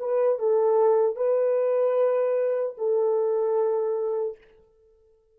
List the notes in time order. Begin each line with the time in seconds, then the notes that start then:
0.00 B4
0.39 A4
1.17 B4
2.78 A4